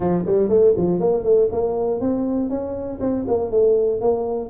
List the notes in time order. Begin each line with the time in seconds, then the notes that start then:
0.00 F3
0.26 G3
0.49 A3
0.77 F3
1.00 A#3
1.23 A3
1.52 A#3
2.00 C4
2.49 C#4
3.00 C4
3.27 A#3
3.50 A3
4.00 A#3